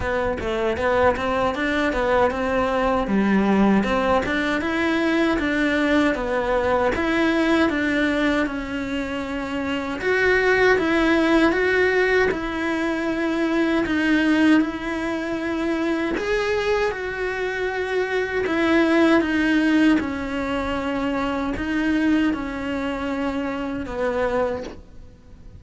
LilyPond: \new Staff \with { instrumentName = "cello" } { \time 4/4 \tempo 4 = 78 b8 a8 b8 c'8 d'8 b8 c'4 | g4 c'8 d'8 e'4 d'4 | b4 e'4 d'4 cis'4~ | cis'4 fis'4 e'4 fis'4 |
e'2 dis'4 e'4~ | e'4 gis'4 fis'2 | e'4 dis'4 cis'2 | dis'4 cis'2 b4 | }